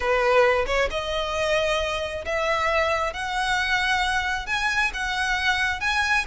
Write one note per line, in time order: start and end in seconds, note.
0.00 0.65 B4
0.66 0.89 C#5
0.90 2.24 D#5
2.25 3.13 E5
3.13 4.46 F#5
4.46 4.91 G#5
4.93 5.80 F#5
5.80 6.25 G#5